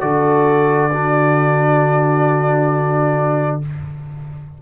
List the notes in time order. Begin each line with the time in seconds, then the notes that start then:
0.00 D3 F#4 A4 D5
0.93 D4 F#4